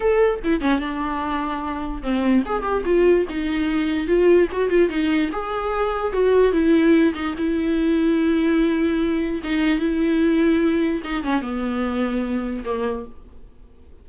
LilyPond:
\new Staff \with { instrumentName = "viola" } { \time 4/4 \tempo 4 = 147 a'4 e'8 cis'8 d'2~ | d'4 c'4 gis'8 g'8 f'4 | dis'2 f'4 fis'8 f'8 | dis'4 gis'2 fis'4 |
e'4. dis'8 e'2~ | e'2. dis'4 | e'2. dis'8 cis'8 | b2. ais4 | }